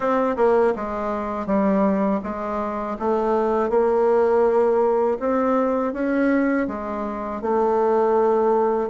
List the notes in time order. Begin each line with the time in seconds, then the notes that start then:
0.00 C4
0.36 A#3
0.75 G#3
1.46 G3
2.23 G#3
2.99 A3
3.69 A#3
5.19 C4
5.93 C#4
6.67 G#3
7.41 A3